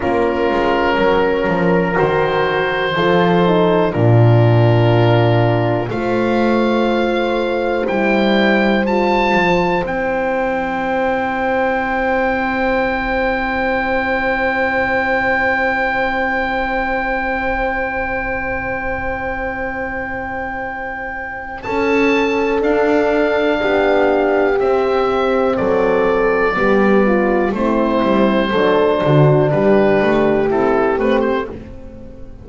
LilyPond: <<
  \new Staff \with { instrumentName = "oboe" } { \time 4/4 \tempo 4 = 61 ais'2 c''2 | ais'2 f''2 | g''4 a''4 g''2~ | g''1~ |
g''1~ | g''2 a''4 f''4~ | f''4 e''4 d''2 | c''2 b'4 a'8 b'16 c''16 | }
  \new Staff \with { instrumentName = "horn" } { \time 4/4 f'4 ais'2 a'4 | f'2 c''2~ | c''1~ | c''1~ |
c''1~ | c''2 a'2 | g'2 a'4 g'8 f'8 | e'4 a'8 fis'8 g'2 | }
  \new Staff \with { instrumentName = "horn" } { \time 4/4 cis'2 fis'4 f'8 dis'8 | d'2 f'2 | e'4 f'4 e'2~ | e'1~ |
e'1~ | e'2. d'4~ | d'4 c'2 b4 | c'4 d'2 e'8 c'8 | }
  \new Staff \with { instrumentName = "double bass" } { \time 4/4 ais8 gis8 fis8 f8 dis4 f4 | ais,2 a2 | g4. f8 c'2~ | c'1~ |
c'1~ | c'2 cis'4 d'4 | b4 c'4 fis4 g4 | a8 g8 fis8 d8 g8 a8 c'8 a8 | }
>>